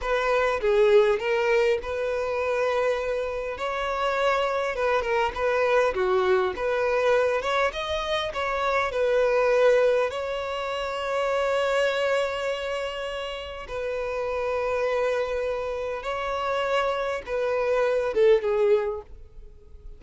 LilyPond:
\new Staff \with { instrumentName = "violin" } { \time 4/4 \tempo 4 = 101 b'4 gis'4 ais'4 b'4~ | b'2 cis''2 | b'8 ais'8 b'4 fis'4 b'4~ | b'8 cis''8 dis''4 cis''4 b'4~ |
b'4 cis''2.~ | cis''2. b'4~ | b'2. cis''4~ | cis''4 b'4. a'8 gis'4 | }